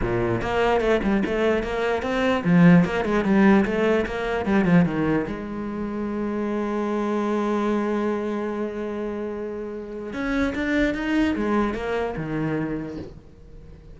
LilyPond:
\new Staff \with { instrumentName = "cello" } { \time 4/4 \tempo 4 = 148 ais,4 ais4 a8 g8 a4 | ais4 c'4 f4 ais8 gis8 | g4 a4 ais4 g8 f8 | dis4 gis2.~ |
gis1~ | gis1~ | gis4 cis'4 d'4 dis'4 | gis4 ais4 dis2 | }